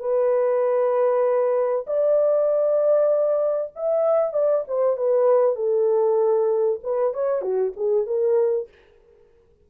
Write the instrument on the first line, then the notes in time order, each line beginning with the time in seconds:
horn
0.00 B4
1.88 D5
3.76 E5
4.34 D5
4.68 C5
4.97 B4
5.56 A4
6.84 B4
7.14 C#5
7.42 F#4
7.77 G#4
8.07 A#4